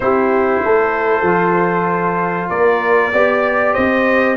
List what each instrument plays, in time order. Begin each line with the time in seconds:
0.00 tuba C4, trombone E4, horn G4, trumpet C5
0.63 tuba A3, horn A4
1.22 tuba F3, trombone F4
2.49 tuba A#3, horn A#4, trumpet D5
3.12 tuba B3, trombone G4, horn D5
3.73 tuba C4, horn C5, trumpet D#5